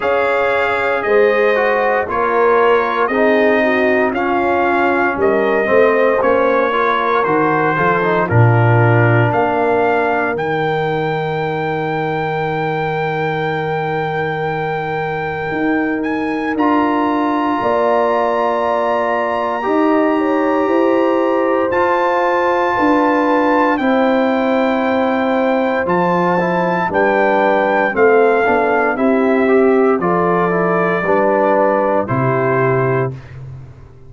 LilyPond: <<
  \new Staff \with { instrumentName = "trumpet" } { \time 4/4 \tempo 4 = 58 f''4 dis''4 cis''4 dis''4 | f''4 dis''4 cis''4 c''4 | ais'4 f''4 g''2~ | g''2.~ g''8 gis''8 |
ais''1~ | ais''4 a''2 g''4~ | g''4 a''4 g''4 f''4 | e''4 d''2 c''4 | }
  \new Staff \with { instrumentName = "horn" } { \time 4/4 cis''4 c''4 ais'4 gis'8 fis'8 | f'4 ais'8 c''4 ais'4 a'8 | f'4 ais'2.~ | ais'1~ |
ais'4 d''2 dis''8 cis''8 | c''2 b'4 c''4~ | c''2 b'4 a'4 | g'4 a'4 b'4 g'4 | }
  \new Staff \with { instrumentName = "trombone" } { \time 4/4 gis'4. fis'8 f'4 dis'4 | cis'4. c'8 cis'8 f'8 fis'8 f'16 dis'16 | d'2 dis'2~ | dis'1 |
f'2. g'4~ | g'4 f'2 e'4~ | e'4 f'8 e'8 d'4 c'8 d'8 | e'8 g'8 f'8 e'8 d'4 e'4 | }
  \new Staff \with { instrumentName = "tuba" } { \time 4/4 cis'4 gis4 ais4 c'4 | cis'4 g8 a8 ais4 dis8 f8 | ais,4 ais4 dis2~ | dis2. dis'4 |
d'4 ais2 dis'4 | e'4 f'4 d'4 c'4~ | c'4 f4 g4 a8 b8 | c'4 f4 g4 c4 | }
>>